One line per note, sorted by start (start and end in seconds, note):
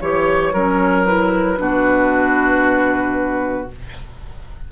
0.00 0.53 E3
0.00 0.54 G4
0.00 1.05 C#5
0.00 0.53 C#5
0.53 1.59 F#3
0.53 1.07 C#4
0.53 1.58 A#4
1.05 1.57 E4
1.05 3.68 B4
1.57 3.70 B2
1.57 3.67 D4
1.57 3.72 F#4